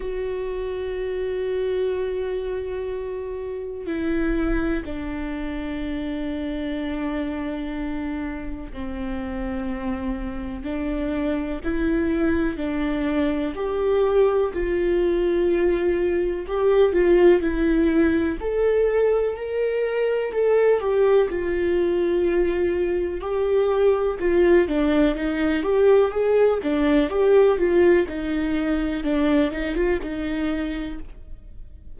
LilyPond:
\new Staff \with { instrumentName = "viola" } { \time 4/4 \tempo 4 = 62 fis'1 | e'4 d'2.~ | d'4 c'2 d'4 | e'4 d'4 g'4 f'4~ |
f'4 g'8 f'8 e'4 a'4 | ais'4 a'8 g'8 f'2 | g'4 f'8 d'8 dis'8 g'8 gis'8 d'8 | g'8 f'8 dis'4 d'8 dis'16 f'16 dis'4 | }